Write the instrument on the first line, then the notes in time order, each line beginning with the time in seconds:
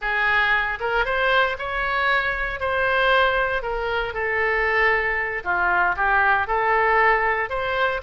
oboe
0.01 G#4
0.80 A#4
1.05 C5
1.58 C#5
2.60 C5
3.62 A#4
4.13 A4
5.44 F4
5.96 G4
6.47 A4
7.49 C5